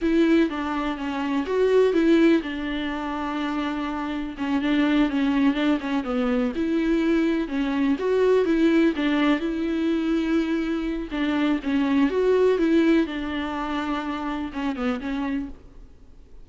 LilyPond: \new Staff \with { instrumentName = "viola" } { \time 4/4 \tempo 4 = 124 e'4 d'4 cis'4 fis'4 | e'4 d'2.~ | d'4 cis'8 d'4 cis'4 d'8 | cis'8 b4 e'2 cis'8~ |
cis'8 fis'4 e'4 d'4 e'8~ | e'2. d'4 | cis'4 fis'4 e'4 d'4~ | d'2 cis'8 b8 cis'4 | }